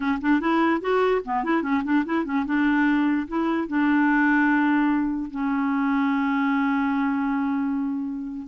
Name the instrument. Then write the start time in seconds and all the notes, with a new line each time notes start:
clarinet
0.00 C#4
0.21 D4
0.40 E4
0.81 F#4
1.24 B3
1.44 E4
1.62 C#4
1.83 D4
2.05 E4
2.24 C#4
2.45 D4
3.27 E4
3.67 D4
5.30 C#4